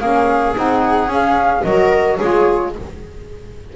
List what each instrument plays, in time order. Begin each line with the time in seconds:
0.00 double bass A#3, saxophone C#4, viola G#4, flute F5
0.55 double bass C4, saxophone D#4, flute F#5
1.07 double bass C#4, saxophone C#4, flute F5
1.64 double bass F#3, saxophone F#4, viola A#4, flute D#5
2.18 double bass G#3, saxophone F4, viola G#4, flute C#5